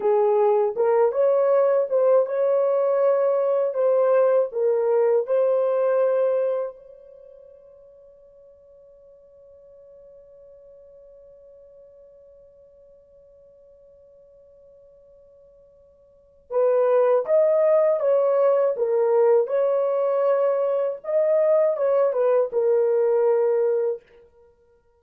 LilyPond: \new Staff \with { instrumentName = "horn" } { \time 4/4 \tempo 4 = 80 gis'4 ais'8 cis''4 c''8 cis''4~ | cis''4 c''4 ais'4 c''4~ | c''4 cis''2.~ | cis''1~ |
cis''1~ | cis''2 b'4 dis''4 | cis''4 ais'4 cis''2 | dis''4 cis''8 b'8 ais'2 | }